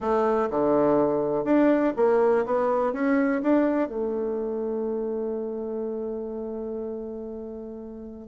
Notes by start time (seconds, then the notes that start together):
0.00 A3
0.50 D3
1.44 D4
1.96 A#3
2.45 B3
2.92 C#4
3.42 D4
3.88 A3